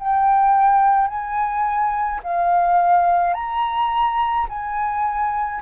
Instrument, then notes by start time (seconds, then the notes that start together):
flute
0.00 G5
1.08 G#5
2.24 F5
3.34 A#5
4.50 G#5